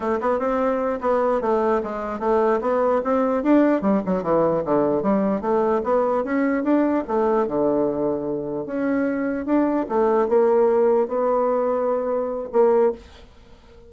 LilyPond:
\new Staff \with { instrumentName = "bassoon" } { \time 4/4 \tempo 4 = 149 a8 b8 c'4. b4 a8~ | a8 gis4 a4 b4 c'8~ | c'8 d'4 g8 fis8 e4 d8~ | d8 g4 a4 b4 cis'8~ |
cis'8 d'4 a4 d4.~ | d4. cis'2 d'8~ | d'8 a4 ais2 b8~ | b2. ais4 | }